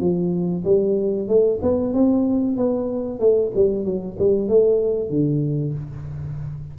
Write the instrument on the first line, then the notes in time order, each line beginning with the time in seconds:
tuba
0.00 F3
0.64 G3
1.28 A3
1.62 B3
1.94 C4
2.57 B3
3.20 A3
3.55 G3
3.85 F#3
4.19 G3
4.49 A3
5.10 D3